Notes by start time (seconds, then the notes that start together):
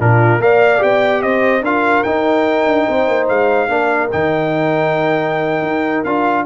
0.00 A#2 D4 F4 A#4
0.39 A#3 A#4 D5 F5
0.79 B3 G4 G5
1.23 C4 C5 D#5
1.62 D4 F4 A#4 F5
2.04 D#4 G5
2.66 D4
2.87 C4 C5
3.08 A#3
3.29 G#3 F5
3.69 A#3 D4 A#4
4.12 D#3 D#4 G5
5.63 D#4
6.04 D4 F4 F5